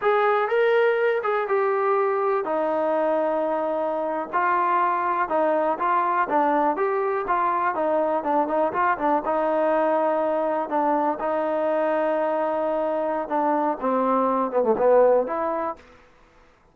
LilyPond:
\new Staff \with { instrumentName = "trombone" } { \time 4/4 \tempo 4 = 122 gis'4 ais'4. gis'8 g'4~ | g'4 dis'2.~ | dis'8. f'2 dis'4 f'16~ | f'8. d'4 g'4 f'4 dis'16~ |
dis'8. d'8 dis'8 f'8 d'8 dis'4~ dis'16~ | dis'4.~ dis'16 d'4 dis'4~ dis'16~ | dis'2. d'4 | c'4. b16 a16 b4 e'4 | }